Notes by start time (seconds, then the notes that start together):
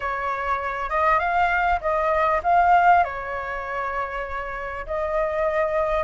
0.00 C#5
0.89 D#5
1.19 F5
1.80 D#5
2.43 F5
3.04 C#5
4.86 D#5